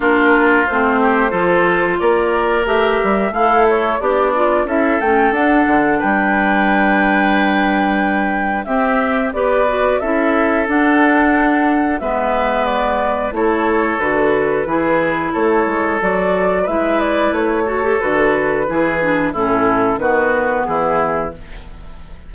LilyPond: <<
  \new Staff \with { instrumentName = "flute" } { \time 4/4 \tempo 4 = 90 ais'4 c''2 d''4 | e''4 f''8 cis''8 d''4 e''8 g''8 | fis''4 g''2.~ | g''4 e''4 d''4 e''4 |
fis''2 e''4 d''4 | cis''4 b'2 cis''4 | d''4 e''8 d''8 cis''4 b'4~ | b'4 a'4 b'4 gis'4 | }
  \new Staff \with { instrumentName = "oboe" } { \time 4/4 f'4. g'8 a'4 ais'4~ | ais'4 e'4 d'4 a'4~ | a'4 b'2.~ | b'4 g'4 b'4 a'4~ |
a'2 b'2 | a'2 gis'4 a'4~ | a'4 b'4. a'4. | gis'4 e'4 fis'4 e'4 | }
  \new Staff \with { instrumentName = "clarinet" } { \time 4/4 d'4 c'4 f'2 | g'4 a'4 g'8 f'8 e'8 cis'8 | d'1~ | d'4 c'4 g'8 fis'8 e'4 |
d'2 b2 | e'4 fis'4 e'2 | fis'4 e'4. fis'16 g'16 fis'4 | e'8 d'8 cis'4 b2 | }
  \new Staff \with { instrumentName = "bassoon" } { \time 4/4 ais4 a4 f4 ais4 | a8 g8 a4 b4 cis'8 a8 | d'8 d8 g2.~ | g4 c'4 b4 cis'4 |
d'2 gis2 | a4 d4 e4 a8 gis8 | fis4 gis4 a4 d4 | e4 a,4 dis4 e4 | }
>>